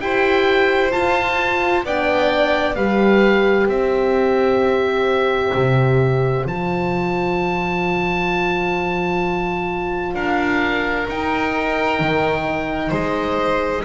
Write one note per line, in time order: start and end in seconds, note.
0.00 0.92 E4
0.00 0.90 G4
0.00 1.85 C5
0.00 0.91 G5
0.90 1.82 F4
0.90 1.83 F4
0.90 1.83 A5
1.83 2.76 B3
1.83 2.77 D4
1.83 2.76 D5
1.83 2.75 G5
2.75 3.66 G3
2.75 6.46 G4
2.75 3.69 B4
2.75 3.67 F5
3.66 5.51 C4
3.66 10.15 C5
3.66 6.46 E5
5.54 6.45 C3
6.45 10.13 F3
6.45 11.07 F4
6.45 10.14 A5
10.13 11.06 D4
10.13 12.89 A#4
10.13 11.07 F5
11.07 13.84 D#4
11.07 11.99 D#4
11.07 12.93 G5
11.99 12.91 D#3
12.89 13.83 G#3
12.89 13.81 C5
12.89 13.84 D#5